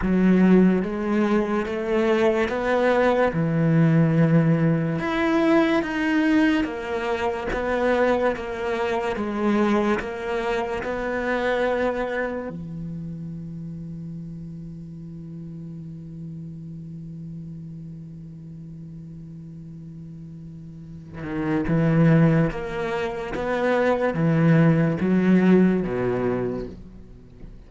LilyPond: \new Staff \with { instrumentName = "cello" } { \time 4/4 \tempo 4 = 72 fis4 gis4 a4 b4 | e2 e'4 dis'4 | ais4 b4 ais4 gis4 | ais4 b2 e4~ |
e1~ | e1~ | e4. dis8 e4 ais4 | b4 e4 fis4 b,4 | }